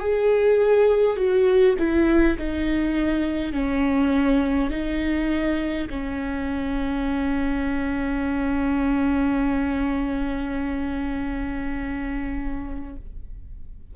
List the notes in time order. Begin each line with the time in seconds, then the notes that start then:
0.00 G#4
1.17 F#4
1.79 E4
2.38 D#4
3.52 C#4
4.70 D#4
5.90 C#4